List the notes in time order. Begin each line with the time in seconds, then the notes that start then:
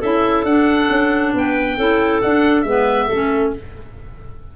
0.00 C#4 E4 A4 E5
0.44 D4 F#5
0.89 C#4
1.34 B3 B4 G5
1.78 C#4 E4 A4
2.22 D4 F#5
2.62 G#3 B3 B4 E5
3.06 A3 C#4 A4